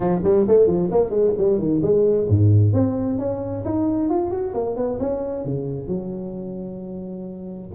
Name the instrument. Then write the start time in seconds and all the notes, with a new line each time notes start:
tuba
0.00 F3
0.23 G3
0.47 A3
0.67 F3
0.91 A#3
1.10 G#3
1.37 G3
1.58 D#3
1.82 G#3
2.28 G#2
2.73 C4
3.18 C#4
3.64 D#4
4.09 F4
4.30 F#4
4.54 A#3
4.76 B3
4.99 C#4
5.44 C#3
5.87 F#3